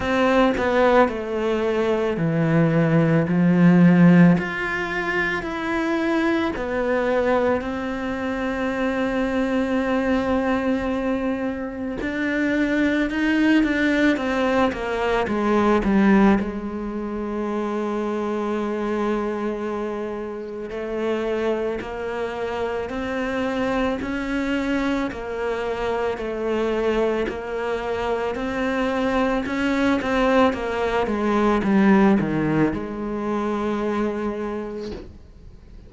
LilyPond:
\new Staff \with { instrumentName = "cello" } { \time 4/4 \tempo 4 = 55 c'8 b8 a4 e4 f4 | f'4 e'4 b4 c'4~ | c'2. d'4 | dis'8 d'8 c'8 ais8 gis8 g8 gis4~ |
gis2. a4 | ais4 c'4 cis'4 ais4 | a4 ais4 c'4 cis'8 c'8 | ais8 gis8 g8 dis8 gis2 | }